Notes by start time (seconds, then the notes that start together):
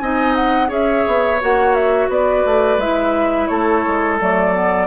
0.00 C4 D#4 D#5 G#5
0.36 F#5
0.68 C#4 G#4 C#5 E5
1.08 B3
1.42 A#3 F#4 F#5
1.75 E5
2.09 B3 B4 D5
2.46 A3
2.78 G#3 E4 E5
3.48 A3 A4 C#5
3.87 G#3
4.20 F#3 A3 D5
4.53 B3